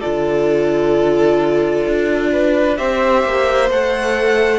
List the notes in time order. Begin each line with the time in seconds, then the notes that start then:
0.00 D3 F4 A4 D5
1.87 D4
2.32 B4
2.76 C4 G4 C5 E5
3.24 A#3
3.70 A3 A4 F#5